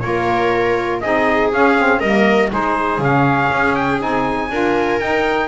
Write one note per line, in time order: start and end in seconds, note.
0.00 1.03 A#3
0.00 1.01 F4
0.00 1.03 A#4
0.00 0.99 C#5
1.01 1.53 C4
1.01 1.52 D#4
1.01 2.00 G#4
1.01 1.50 D#5
1.52 1.77 C#4
1.52 2.02 C#4
1.52 2.00 F5
1.78 2.03 C4
2.00 2.51 G3
2.00 2.51 A#3
2.00 2.49 A#4
2.00 2.50 D#5
2.51 2.99 G#3
2.51 3.01 D#4
2.51 4.51 G#4
2.51 3.03 C5
2.99 3.48 C#3
2.99 4.00 C#4
2.99 3.75 F5
3.52 4.01 C#4
3.75 4.00 G5
4.00 4.50 C4
4.00 4.49 D#4
4.00 5.00 G#5
4.50 5.00 D4
4.50 5.01 F4
4.50 5.48 A#4
5.00 5.48 D#4
5.00 5.48 G5